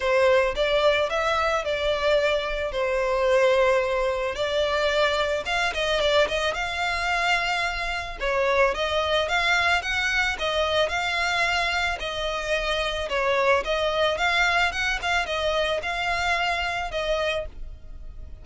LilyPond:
\new Staff \with { instrumentName = "violin" } { \time 4/4 \tempo 4 = 110 c''4 d''4 e''4 d''4~ | d''4 c''2. | d''2 f''8 dis''8 d''8 dis''8 | f''2. cis''4 |
dis''4 f''4 fis''4 dis''4 | f''2 dis''2 | cis''4 dis''4 f''4 fis''8 f''8 | dis''4 f''2 dis''4 | }